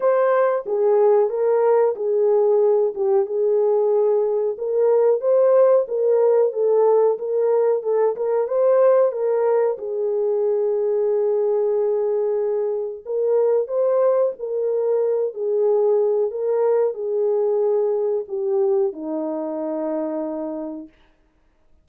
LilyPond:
\new Staff \with { instrumentName = "horn" } { \time 4/4 \tempo 4 = 92 c''4 gis'4 ais'4 gis'4~ | gis'8 g'8 gis'2 ais'4 | c''4 ais'4 a'4 ais'4 | a'8 ais'8 c''4 ais'4 gis'4~ |
gis'1 | ais'4 c''4 ais'4. gis'8~ | gis'4 ais'4 gis'2 | g'4 dis'2. | }